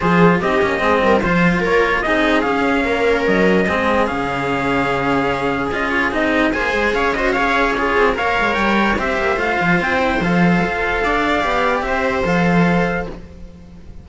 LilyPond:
<<
  \new Staff \with { instrumentName = "trumpet" } { \time 4/4 \tempo 4 = 147 c''4 dis''2 c''4 | cis''4 dis''4 f''2 | dis''2 f''2~ | f''2 dis''8 cis''8 dis''4 |
gis''4 f''8 dis''8 f''4 cis''4 | f''4 g''4 e''4 f''4 | g''4 f''2.~ | f''4 e''4 f''2 | }
  \new Staff \with { instrumentName = "viola" } { \time 4/4 gis'4 g'4 gis'8 ais'8 c''4 | ais'4 gis'2 ais'4~ | ais'4 gis'2.~ | gis'1 |
c''4 cis''8 c''8 cis''4 gis'4 | cis''2 c''2~ | c''2. d''4~ | d''4 c''2. | }
  \new Staff \with { instrumentName = "cello" } { \time 4/4 f'4 dis'8 cis'8 c'4 f'4~ | f'4 dis'4 cis'2~ | cis'4 c'4 cis'2~ | cis'2 f'4 dis'4 |
gis'4. fis'8 gis'4 f'4 | ais'2 g'4 f'4~ | f'8 e'8 a'2. | g'2 a'2 | }
  \new Staff \with { instrumentName = "cello" } { \time 4/4 f4 c'8 ais8 gis8 g8 f4 | ais4 c'4 cis'4 ais4 | fis4 gis4 cis2~ | cis2 cis'4 c'4 |
ais8 gis8 cis'2~ cis'8 c'8 | ais8 gis8 g4 c'8 ais8 a8 f8 | c'4 f4 f'4 d'4 | b4 c'4 f2 | }
>>